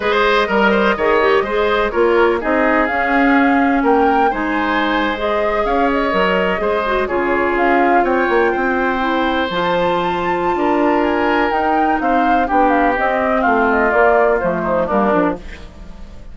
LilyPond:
<<
  \new Staff \with { instrumentName = "flute" } { \time 4/4 \tempo 4 = 125 dis''1 | cis''4 dis''4 f''2 | g''4 gis''4.~ gis''16 dis''4 f''16~ | f''16 dis''2~ dis''8 cis''4 f''16~ |
f''8. g''2. a''16~ | a''2. gis''4 | g''4 f''4 g''8 f''8 dis''4 | f''8 dis''8 d''4 c''4 ais'4 | }
  \new Staff \with { instrumentName = "oboe" } { \time 4/4 c''4 ais'8 c''8 cis''4 c''4 | ais'4 gis'2. | ais'4 c''2~ c''8. cis''16~ | cis''4.~ cis''16 c''4 gis'4~ gis'16~ |
gis'8. cis''4 c''2~ c''16~ | c''2 ais'2~ | ais'4 c''4 g'2 | f'2~ f'8 dis'8 d'4 | }
  \new Staff \with { instrumentName = "clarinet" } { \time 4/4 gis'4 ais'4 gis'8 g'8 gis'4 | f'4 dis'4 cis'2~ | cis'4 dis'4.~ dis'16 gis'4~ gis'16~ | gis'8. ais'4 gis'8 fis'8 f'4~ f'16~ |
f'2~ f'8. e'4 f'16~ | f'1 | dis'2 d'4 c'4~ | c'4 ais4 a4 ais8 d'8 | }
  \new Staff \with { instrumentName = "bassoon" } { \time 4/4 gis4 g4 dis4 gis4 | ais4 c'4 cis'2 | ais4 gis2~ gis8. cis'16~ | cis'8. fis4 gis4 cis4 cis'16~ |
cis'8. c'8 ais8 c'2 f16~ | f2 d'2 | dis'4 c'4 b4 c'4 | a4 ais4 f4 g8 f8 | }
>>